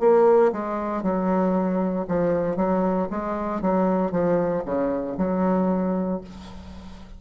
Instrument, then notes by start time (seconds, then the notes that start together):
bassoon
0.00 A#3
0.52 G#3
1.03 F#3
2.08 F3
2.56 F#3
3.10 G#3
3.62 F#3
4.11 F3
4.65 C#3
5.17 F#3